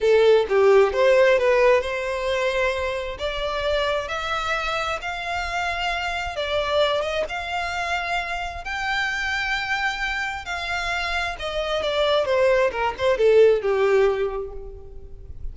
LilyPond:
\new Staff \with { instrumentName = "violin" } { \time 4/4 \tempo 4 = 132 a'4 g'4 c''4 b'4 | c''2. d''4~ | d''4 e''2 f''4~ | f''2 d''4. dis''8 |
f''2. g''4~ | g''2. f''4~ | f''4 dis''4 d''4 c''4 | ais'8 c''8 a'4 g'2 | }